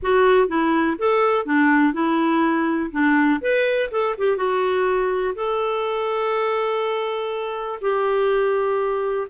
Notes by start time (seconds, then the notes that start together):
0.02 F#4
0.48 E4
0.98 A4
1.45 D4
1.93 E4
2.91 D4
3.41 B4
3.91 A4
4.18 G4
4.36 F#4
5.35 A4
7.81 G4